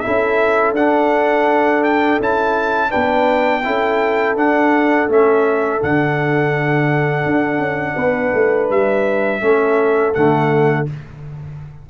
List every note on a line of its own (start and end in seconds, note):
0.00 0.76 E4
0.00 2.90 A4
0.00 0.72 E5
0.07 0.73 C#4
0.73 2.18 D4
0.73 2.21 D4
0.73 1.84 F#5
1.84 2.20 G5
2.20 2.92 C#4
2.20 2.90 E4
2.20 2.92 A5
2.90 3.67 B3
2.90 3.62 D4
2.90 3.63 B4
2.90 4.36 G5
3.65 4.36 C#4
3.65 4.37 E4
3.65 7.96 A4
4.36 5.08 D4
4.36 5.09 D4
4.36 5.10 F#5
5.08 5.81 A3
5.08 5.80 C#4
5.08 5.83 E5
5.80 7.26 D3
5.80 9.42 D4
5.80 8.71 F#5
7.26 7.59 D4
7.59 7.95 C#4
7.96 8.33 B3
7.96 9.40 B4
8.34 8.70 A3
8.70 9.42 G3
8.70 10.14 E5
9.42 10.14 A3
9.42 10.14 C#4
9.42 10.90 A4
10.14 10.89 D3
10.14 10.87 A3
10.14 10.87 F#5